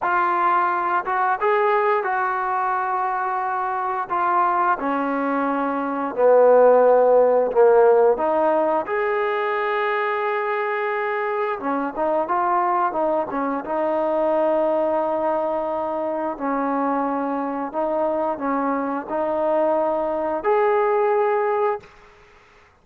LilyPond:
\new Staff \with { instrumentName = "trombone" } { \time 4/4 \tempo 4 = 88 f'4. fis'8 gis'4 fis'4~ | fis'2 f'4 cis'4~ | cis'4 b2 ais4 | dis'4 gis'2.~ |
gis'4 cis'8 dis'8 f'4 dis'8 cis'8 | dis'1 | cis'2 dis'4 cis'4 | dis'2 gis'2 | }